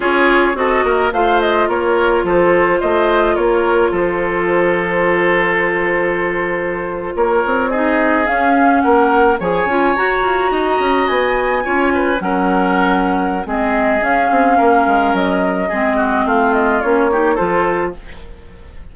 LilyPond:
<<
  \new Staff \with { instrumentName = "flute" } { \time 4/4 \tempo 4 = 107 cis''4 dis''4 f''8 dis''8 cis''4 | c''4 dis''4 cis''4 c''4~ | c''1~ | c''8. cis''4 dis''4 f''4 fis''16~ |
fis''8. gis''4 ais''2 gis''16~ | gis''4.~ gis''16 fis''2~ fis''16 | dis''4 f''2 dis''4~ | dis''4 f''8 dis''8 cis''4 c''4 | }
  \new Staff \with { instrumentName = "oboe" } { \time 4/4 gis'4 a'8 ais'8 c''4 ais'4 | a'4 c''4 ais'4 a'4~ | a'1~ | a'8. ais'4 gis'2 ais'16~ |
ais'8. cis''2 dis''4~ dis''16~ | dis''8. cis''8 b'8 ais'2~ ais'16 | gis'2 ais'2 | gis'8 fis'8 f'4. g'8 a'4 | }
  \new Staff \with { instrumentName = "clarinet" } { \time 4/4 f'4 fis'4 f'2~ | f'1~ | f'1~ | f'4.~ f'16 dis'4 cis'4~ cis'16~ |
cis'8. gis'8 f'8 fis'2~ fis'16~ | fis'8. f'4 cis'2~ cis'16 | c'4 cis'2. | c'2 cis'8 dis'8 f'4 | }
  \new Staff \with { instrumentName = "bassoon" } { \time 4/4 cis'4 c'8 ais8 a4 ais4 | f4 a4 ais4 f4~ | f1~ | f8. ais8 c'4. cis'4 ais16~ |
ais8. f8 cis'8 fis'8 f'8 dis'8 cis'8 b16~ | b8. cis'4 fis2~ fis16 | gis4 cis'8 c'8 ais8 gis8 fis4 | gis4 a4 ais4 f4 | }
>>